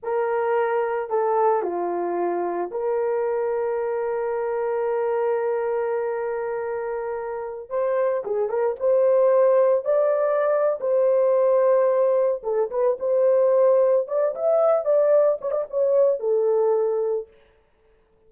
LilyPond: \new Staff \with { instrumentName = "horn" } { \time 4/4 \tempo 4 = 111 ais'2 a'4 f'4~ | f'4 ais'2.~ | ais'1~ | ais'2~ ais'16 c''4 gis'8 ais'16~ |
ais'16 c''2 d''4.~ d''16 | c''2. a'8 b'8 | c''2 d''8 e''4 d''8~ | d''8 cis''16 d''16 cis''4 a'2 | }